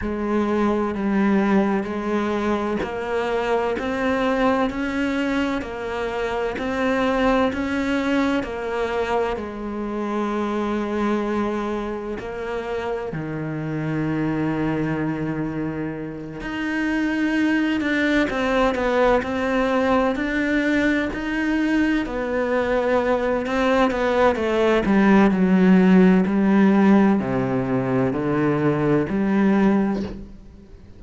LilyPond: \new Staff \with { instrumentName = "cello" } { \time 4/4 \tempo 4 = 64 gis4 g4 gis4 ais4 | c'4 cis'4 ais4 c'4 | cis'4 ais4 gis2~ | gis4 ais4 dis2~ |
dis4. dis'4. d'8 c'8 | b8 c'4 d'4 dis'4 b8~ | b4 c'8 b8 a8 g8 fis4 | g4 c4 d4 g4 | }